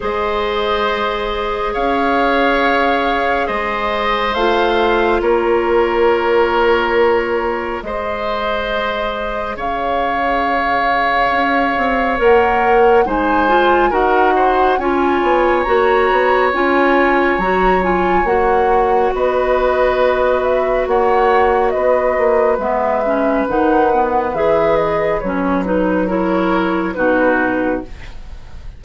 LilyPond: <<
  \new Staff \with { instrumentName = "flute" } { \time 4/4 \tempo 4 = 69 dis''2 f''2 | dis''4 f''4 cis''2~ | cis''4 dis''2 f''4~ | f''2 fis''4 gis''4 |
fis''4 gis''4 ais''4 gis''4 | ais''8 gis''8 fis''4 dis''4. e''8 | fis''4 dis''4 e''4 fis''4 | e''8 dis''8 cis''8 b'8 cis''4 b'4 | }
  \new Staff \with { instrumentName = "oboe" } { \time 4/4 c''2 cis''2 | c''2 ais'2~ | ais'4 c''2 cis''4~ | cis''2. c''4 |
ais'8 c''8 cis''2.~ | cis''2 b'2 | cis''4 b'2.~ | b'2 ais'4 fis'4 | }
  \new Staff \with { instrumentName = "clarinet" } { \time 4/4 gis'1~ | gis'4 f'2.~ | f'4 gis'2.~ | gis'2 ais'4 dis'8 f'8 |
fis'4 f'4 fis'4 f'4 | fis'8 f'8 fis'2.~ | fis'2 b8 cis'8 dis'8 b8 | gis'4 cis'8 dis'8 e'4 dis'4 | }
  \new Staff \with { instrumentName = "bassoon" } { \time 4/4 gis2 cis'2 | gis4 a4 ais2~ | ais4 gis2 cis4~ | cis4 cis'8 c'8 ais4 gis4 |
dis'4 cis'8 b8 ais8 b8 cis'4 | fis4 ais4 b2 | ais4 b8 ais8 gis4 dis4 | e4 fis2 b,4 | }
>>